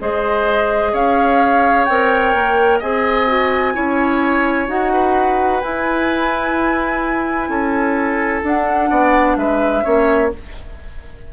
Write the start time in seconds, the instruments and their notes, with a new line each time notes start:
0.00 bassoon G#3, clarinet G#4, oboe C5, flute D#5
0.92 bassoon C#4, oboe C#5, flute F5
1.85 bassoon C4, clarinet A#4, flute G5
2.34 bassoon A#3
2.79 bassoon C4, clarinet G#4, oboe D#5, flute G#5
3.28 clarinet F#4
3.74 bassoon C#4, clarinet E4, oboe C#5
4.68 bassoon D#4, clarinet F#4, flute F#5
4.93 oboe B4
5.61 clarinet E4, bassoon E4, flute G#5
7.49 bassoon C#4, oboe A4
8.43 clarinet D4, bassoon D4, flute F#5
8.90 bassoon B3, oboe D5
9.36 bassoon G#3, oboe B4, flute E5
9.83 bassoon A#3, clarinet C#4, oboe C#5